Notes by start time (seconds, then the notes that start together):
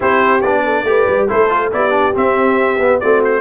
0.00 C4 E4 G4 C5
0.41 B3 D4 D5
0.64 A4
0.83 A3 G4 B4
1.08 G3
1.28 A3 E4 A4 C5
1.49 F4
1.71 B3 E4 G4 D5
1.90 D4
2.15 C4 E5
2.78 B3
3.00 A3 C4 F#4 D5
3.24 C5